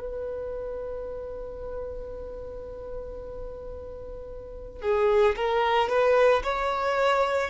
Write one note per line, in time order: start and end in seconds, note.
0.00 4.82 B4
4.82 5.35 G#4
5.36 5.89 A#4
5.89 6.42 B4
6.43 7.50 C#5